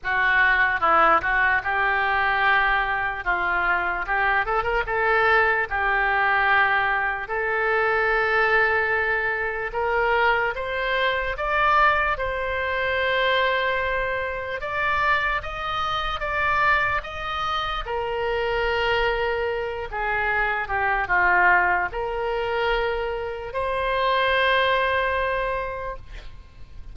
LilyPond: \new Staff \with { instrumentName = "oboe" } { \time 4/4 \tempo 4 = 74 fis'4 e'8 fis'8 g'2 | f'4 g'8 a'16 ais'16 a'4 g'4~ | g'4 a'2. | ais'4 c''4 d''4 c''4~ |
c''2 d''4 dis''4 | d''4 dis''4 ais'2~ | ais'8 gis'4 g'8 f'4 ais'4~ | ais'4 c''2. | }